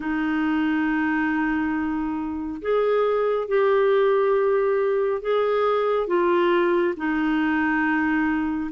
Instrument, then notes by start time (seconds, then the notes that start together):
clarinet
0.00 D#4
2.61 G#4
3.48 G4
5.21 G#4
6.07 F4
6.96 D#4